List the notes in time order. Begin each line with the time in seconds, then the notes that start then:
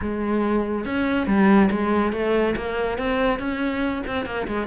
0.01 G#3
0.85 C#4
1.26 G3
1.70 G#3
2.12 A3
2.56 A#3
2.98 C4
3.39 C#4
4.06 C4
4.25 A#3
4.47 G#3